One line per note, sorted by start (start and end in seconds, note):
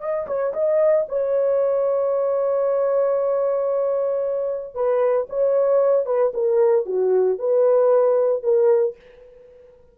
0.00 0.26 D#5
0.27 0.53 C#5
0.53 1.06 D#5
1.08 4.74 C#5
4.74 5.27 B4
5.29 6.06 C#5
6.06 6.32 B4
6.33 6.86 A#4
6.86 7.38 F#4
7.39 8.43 B4
8.43 8.96 A#4